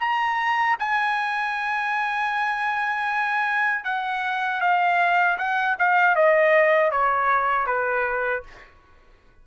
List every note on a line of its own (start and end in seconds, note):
0.00 0.77 A#5
0.79 3.85 G#5
3.85 4.61 F#5
4.61 5.38 F5
5.38 5.77 F#5
5.79 6.16 F5
6.16 6.91 D#5
6.91 7.66 C#5
7.66 8.43 B4